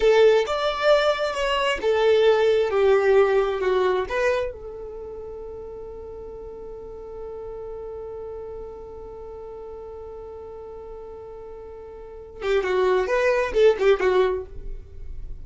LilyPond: \new Staff \with { instrumentName = "violin" } { \time 4/4 \tempo 4 = 133 a'4 d''2 cis''4 | a'2 g'2 | fis'4 b'4 a'2~ | a'1~ |
a'1~ | a'1~ | a'2.~ a'8 g'8 | fis'4 b'4 a'8 g'8 fis'4 | }